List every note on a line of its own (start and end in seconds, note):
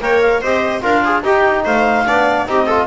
0.00 0.41 A#3
0.00 0.42 A#4
0.00 0.41 C#5
0.00 0.20 G5
0.20 0.41 F5
0.41 0.82 C4
0.41 0.81 G4
0.41 0.82 C5
0.41 0.82 D#5
0.81 1.24 D4
0.81 1.22 F4
0.81 1.03 A#4
0.81 1.23 F5
1.04 1.23 G#4
1.23 1.65 D#4
1.23 2.05 D#4
1.23 1.64 G4
1.23 1.65 G5
1.64 2.06 A3
1.64 2.05 C5
1.64 2.48 F5
2.05 2.46 B3
2.05 2.46 D4
2.05 2.48 D5
2.46 2.86 C4
2.46 2.67 D#4
2.46 2.66 G4
2.46 2.86 D#5
2.66 2.86 F4
2.66 2.86 A4